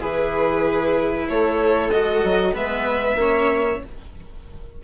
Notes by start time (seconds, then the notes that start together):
0.00 E3 E4 G#4 B4
1.29 A3 A4 C#5
1.91 G#3 F#4 D#5
2.24 F#3
2.53 G#3 B3 B4 E5
3.15 A#3 C#4 C#5